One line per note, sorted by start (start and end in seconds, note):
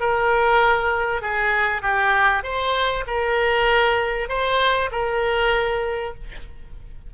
0.00 1.22 A#4
1.22 1.82 G#4
1.82 2.43 G4
2.44 3.05 C5
3.07 4.29 A#4
4.29 4.90 C5
4.92 6.14 A#4